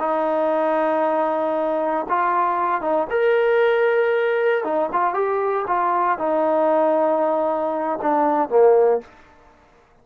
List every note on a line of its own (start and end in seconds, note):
0.00 2.07 D#4
2.09 2.82 F4
2.82 3.08 D#4
3.10 4.64 A#4
4.64 4.90 D#4
4.93 5.14 F4
5.14 5.66 G4
5.68 6.19 F4
6.19 8.00 D#4
8.02 8.49 D4
8.49 9.01 A#3